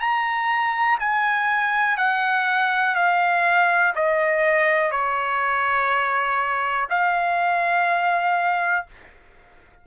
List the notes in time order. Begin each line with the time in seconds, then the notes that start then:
0.00 A#5
1.00 G#5
1.97 F#5
2.96 F5
3.95 D#5
4.91 C#5
6.90 F5